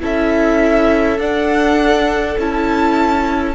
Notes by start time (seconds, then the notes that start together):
0.00 C#4 E4 A4 E5
1.18 D4 F#5
2.38 C#4 E4 A5